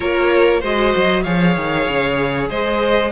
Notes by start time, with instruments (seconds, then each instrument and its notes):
0.00 cello A#3, viola F4, violin A#4 C#5
0.60 cello G#3, viola F#4, violin C5 D#5
0.95 cello F#3
1.23 cello F3, viola G#4, violin C#5 F5
1.56 cello D#3
1.88 cello C#3
2.49 cello G#3, violin C5 D#5